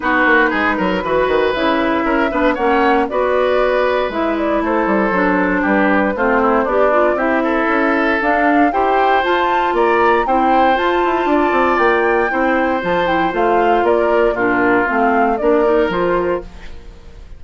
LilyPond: <<
  \new Staff \with { instrumentName = "flute" } { \time 4/4 \tempo 4 = 117 b'2. e''4~ | e''4 fis''4 d''2 | e''8 d''8 c''2 b'4 | c''4 d''4 e''2 |
f''4 g''4 a''4 ais''4 | g''4 a''2 g''4~ | g''4 a''8 g''8 f''4 d''4 | ais'4 f''4 d''4 c''4 | }
  \new Staff \with { instrumentName = "oboe" } { \time 4/4 fis'4 gis'8 ais'8 b'2 | ais'8 b'8 cis''4 b'2~ | b'4 a'2 g'4 | f'8 e'8 d'4 g'8 a'4.~ |
a'4 c''2 d''4 | c''2 d''2 | c''2. ais'4 | f'2 ais'2 | }
  \new Staff \with { instrumentName = "clarinet" } { \time 4/4 dis'2 fis'4 e'4~ | e'8 d'8 cis'4 fis'2 | e'2 d'2 | c'4 g'8 f'8 e'2 |
d'4 g'4 f'2 | e'4 f'2. | e'4 f'8 e'8 f'2 | d'4 c'4 d'8 dis'8 f'4 | }
  \new Staff \with { instrumentName = "bassoon" } { \time 4/4 b8 ais8 gis8 fis8 e8 dis8 cis4 | cis'8 b8 ais4 b2 | gis4 a8 g8 fis4 g4 | a4 b4 c'4 cis'4 |
d'4 e'4 f'4 ais4 | c'4 f'8 e'8 d'8 c'8 ais4 | c'4 f4 a4 ais4 | ais,4 a4 ais4 f4 | }
>>